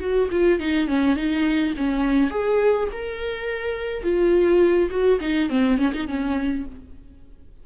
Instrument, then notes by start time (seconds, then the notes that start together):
viola
0.00 F#4
0.31 F4
0.60 D#4
0.88 C#4
1.16 D#4
1.77 C#4
2.31 G#4
2.92 A#4
4.03 F4
4.90 F#4
5.21 D#4
5.50 C4
5.78 C#4
5.94 D#4
6.07 C#4